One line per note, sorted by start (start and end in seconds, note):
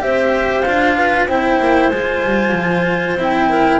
0.00 0.65 C4
0.00 0.63 G4
0.00 0.97 C5
0.00 0.61 E5
0.61 1.26 D4
0.61 1.29 F4
0.61 1.25 F5
0.97 1.29 B4
1.26 1.58 C4
1.26 1.92 E4
1.26 3.49 C5
1.26 1.89 G5
1.59 1.91 A#3
1.89 2.23 G#3
1.89 3.19 F4
1.89 3.16 G#5
2.24 2.52 G3
2.52 3.15 F3
3.15 3.78 C4
3.15 3.80 E4
3.22 3.80 G5
3.49 3.80 A#4